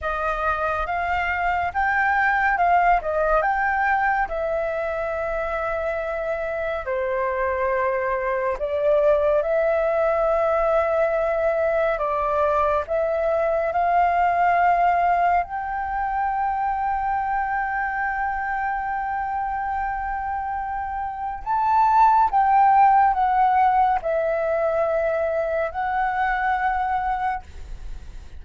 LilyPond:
\new Staff \with { instrumentName = "flute" } { \time 4/4 \tempo 4 = 70 dis''4 f''4 g''4 f''8 dis''8 | g''4 e''2. | c''2 d''4 e''4~ | e''2 d''4 e''4 |
f''2 g''2~ | g''1~ | g''4 a''4 g''4 fis''4 | e''2 fis''2 | }